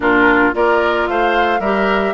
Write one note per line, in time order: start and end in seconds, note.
0.00 0.53 A#2
0.00 0.53 D4
0.00 0.54 F4
0.00 0.54 A#4
0.53 1.08 A#3
0.53 1.60 F4
0.53 1.09 A#4
0.53 1.07 D5
1.07 1.59 A3
1.07 1.60 C5
1.07 1.60 F5
1.59 2.13 G3
1.59 2.13 G4
1.59 2.13 A#4
1.59 2.13 E5